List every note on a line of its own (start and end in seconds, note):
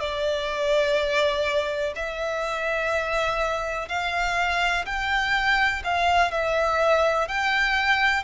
0.00 1.94 D5
1.96 3.89 E5
3.89 4.86 F5
4.86 5.83 G5
5.84 6.31 F5
6.31 7.28 E5
7.28 8.24 G5